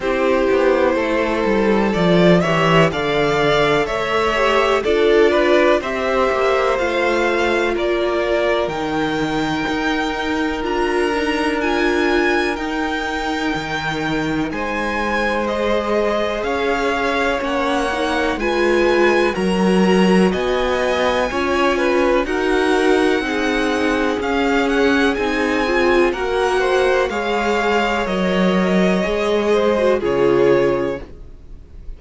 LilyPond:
<<
  \new Staff \with { instrumentName = "violin" } { \time 4/4 \tempo 4 = 62 c''2 d''8 e''8 f''4 | e''4 d''4 e''4 f''4 | d''4 g''2 ais''4 | gis''4 g''2 gis''4 |
dis''4 f''4 fis''4 gis''4 | ais''4 gis''2 fis''4~ | fis''4 f''8 fis''8 gis''4 fis''4 | f''4 dis''2 cis''4 | }
  \new Staff \with { instrumentName = "violin" } { \time 4/4 g'4 a'4. cis''8 d''4 | cis''4 a'8 b'8 c''2 | ais'1~ | ais'2. c''4~ |
c''4 cis''2 b'4 | ais'4 dis''4 cis''8 b'8 ais'4 | gis'2. ais'8 c''8 | cis''2~ cis''8 c''8 gis'4 | }
  \new Staff \with { instrumentName = "viola" } { \time 4/4 e'2 f'8 g'8 a'4~ | a'8 g'8 f'4 g'4 f'4~ | f'4 dis'2 f'8 dis'8 | f'4 dis'2. |
gis'2 cis'8 dis'8 f'4 | fis'2 f'4 fis'4 | dis'4 cis'4 dis'8 f'8 fis'4 | gis'4 ais'4 gis'8. fis'16 f'4 | }
  \new Staff \with { instrumentName = "cello" } { \time 4/4 c'8 b8 a8 g8 f8 e8 d4 | a4 d'4 c'8 ais8 a4 | ais4 dis4 dis'4 d'4~ | d'4 dis'4 dis4 gis4~ |
gis4 cis'4 ais4 gis4 | fis4 b4 cis'4 dis'4 | c'4 cis'4 c'4 ais4 | gis4 fis4 gis4 cis4 | }
>>